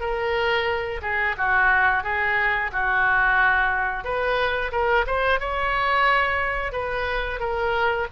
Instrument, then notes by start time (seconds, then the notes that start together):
oboe
0.00 A#4
1.02 G#4
1.37 F#4
2.03 G#4
2.72 F#4
4.04 B4
4.72 A#4
5.06 C5
5.40 C#5
6.72 B4
7.39 A#4